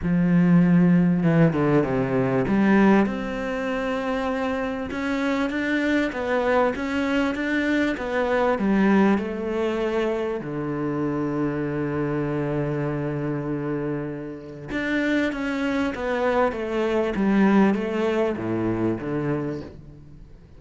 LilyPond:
\new Staff \with { instrumentName = "cello" } { \time 4/4 \tempo 4 = 98 f2 e8 d8 c4 | g4 c'2. | cis'4 d'4 b4 cis'4 | d'4 b4 g4 a4~ |
a4 d2.~ | d1 | d'4 cis'4 b4 a4 | g4 a4 a,4 d4 | }